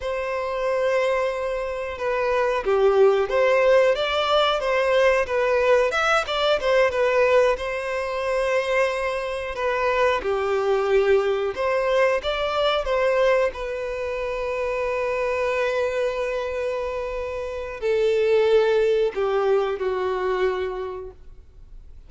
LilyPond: \new Staff \with { instrumentName = "violin" } { \time 4/4 \tempo 4 = 91 c''2. b'4 | g'4 c''4 d''4 c''4 | b'4 e''8 d''8 c''8 b'4 c''8~ | c''2~ c''8 b'4 g'8~ |
g'4. c''4 d''4 c''8~ | c''8 b'2.~ b'8~ | b'2. a'4~ | a'4 g'4 fis'2 | }